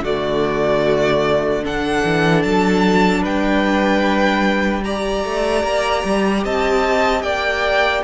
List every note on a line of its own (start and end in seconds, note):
0.00 2.00 D3
0.00 1.63 A3
0.00 1.63 F#4
0.00 1.64 D5
1.63 4.83 D4
1.63 3.21 A4
1.63 2.42 F#5
2.04 2.44 E3
2.42 3.24 F#3
2.42 3.22 A5
3.21 5.24 G3
3.21 4.81 B4
3.21 4.83 G5
4.83 8.04 G4
4.83 6.44 D5
4.83 6.43 A#5
5.24 5.63 A3
5.63 6.03 A#3
6.04 6.44 G3
6.44 7.23 C4
6.44 7.24 D#5
6.44 7.22 A5
7.22 8.03 A#3
7.22 8.04 D5
7.22 8.02 G5